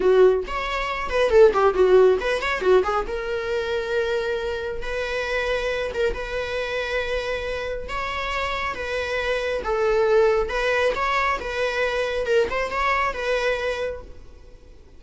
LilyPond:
\new Staff \with { instrumentName = "viola" } { \time 4/4 \tempo 4 = 137 fis'4 cis''4. b'8 a'8 g'8 | fis'4 b'8 cis''8 fis'8 gis'8 ais'4~ | ais'2. b'4~ | b'4. ais'8 b'2~ |
b'2 cis''2 | b'2 a'2 | b'4 cis''4 b'2 | ais'8 c''8 cis''4 b'2 | }